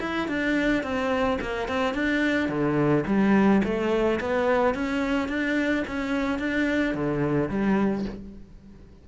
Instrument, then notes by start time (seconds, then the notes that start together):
cello
0.00 E4
0.28 D4
0.83 C4
1.41 A#3
1.68 C4
1.94 D4
2.49 D3
3.06 G3
3.64 A3
4.20 B3
4.74 C#4
5.28 D4
5.87 C#4
6.39 D4
6.94 D3
7.49 G3